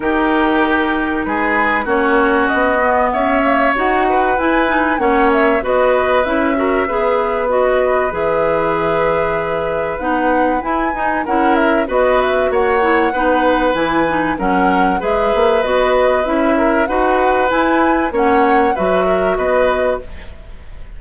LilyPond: <<
  \new Staff \with { instrumentName = "flute" } { \time 4/4 \tempo 4 = 96 ais'2 b'4 cis''4 | dis''4 e''4 fis''4 gis''4 | fis''8 e''8 dis''4 e''2 | dis''4 e''2. |
fis''4 gis''4 fis''8 e''8 dis''8 e''8 | fis''2 gis''4 fis''4 | e''4 dis''4 e''4 fis''4 | gis''4 fis''4 e''4 dis''4 | }
  \new Staff \with { instrumentName = "oboe" } { \time 4/4 g'2 gis'4 fis'4~ | fis'4 cis''4. b'4. | cis''4 b'4. ais'8 b'4~ | b'1~ |
b'2 ais'4 b'4 | cis''4 b'2 ais'4 | b'2~ b'8 ais'8 b'4~ | b'4 cis''4 b'8 ais'8 b'4 | }
  \new Staff \with { instrumentName = "clarinet" } { \time 4/4 dis'2. cis'4~ | cis'8 b4 ais8 fis'4 e'8 dis'8 | cis'4 fis'4 e'8 fis'8 gis'4 | fis'4 gis'2. |
dis'4 e'8 dis'8 e'4 fis'4~ | fis'8 e'8 dis'4 e'8 dis'8 cis'4 | gis'4 fis'4 e'4 fis'4 | e'4 cis'4 fis'2 | }
  \new Staff \with { instrumentName = "bassoon" } { \time 4/4 dis2 gis4 ais4 | b4 cis'4 dis'4 e'4 | ais4 b4 cis'4 b4~ | b4 e2. |
b4 e'8 dis'8 cis'4 b4 | ais4 b4 e4 fis4 | gis8 ais8 b4 cis'4 dis'4 | e'4 ais4 fis4 b4 | }
>>